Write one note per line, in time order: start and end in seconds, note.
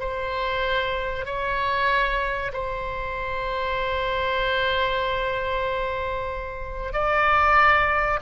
0.00 1.25 C5
1.25 2.52 C#5
2.53 6.93 C5
6.93 8.20 D5